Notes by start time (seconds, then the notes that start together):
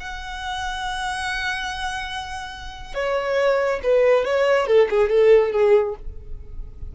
0.00 F#5
2.95 C#5
3.83 B4
4.25 C#5
4.67 A4
4.90 G#4
5.10 A4
5.52 G#4